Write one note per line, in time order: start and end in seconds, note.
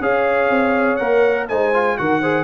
0.00 0.49 C#4
0.00 0.99 G#4
0.00 1.49 C#5
0.00 0.96 F5
0.49 0.98 C4
0.96 1.49 A#3
0.96 1.48 A#4
0.96 1.45 F#5
1.48 1.98 G#3
1.48 1.73 D#4
1.48 1.98 C5
1.48 1.97 G#5
1.73 1.97 F4
1.97 2.44 D#3
1.97 2.22 F#4
1.97 2.21 A#4
1.97 2.44 F#5
2.21 2.44 G#4
2.21 2.44 C5